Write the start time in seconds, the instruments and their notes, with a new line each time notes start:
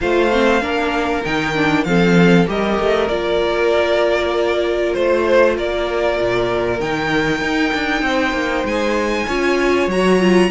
0.00 cello A3, viola F4, violin C5 F5
0.31 viola C4
0.61 cello A#3, viola D4, violin A#4
1.24 cello D#3, viola D#4, violin G5
1.55 viola D4
1.84 cello F3, viola C4, violin A4 F5
2.46 cello G3, viola G4, violin A#4 D#5
2.79 cello A3
3.07 cello A#3, viola F4, violin D5
4.93 cello A3, violin C5
5.57 cello A#3, violin A#4 D5
6.19 cello A#2
6.80 cello D#3, viola D#4, violin G5
7.41 cello D#4
7.73 cello D4
8.02 cello C4, violin C5
8.32 cello A#3
8.64 cello G#3, violin G#5
9.26 cello C#4, viola F4, violin C#5
9.87 cello F#3, viola F#4, violin A#5
10.19 viola F4